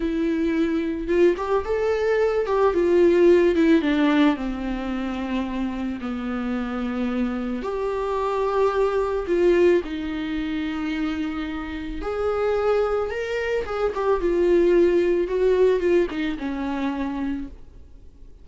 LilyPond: \new Staff \with { instrumentName = "viola" } { \time 4/4 \tempo 4 = 110 e'2 f'8 g'8 a'4~ | a'8 g'8 f'4. e'8 d'4 | c'2. b4~ | b2 g'2~ |
g'4 f'4 dis'2~ | dis'2 gis'2 | ais'4 gis'8 g'8 f'2 | fis'4 f'8 dis'8 cis'2 | }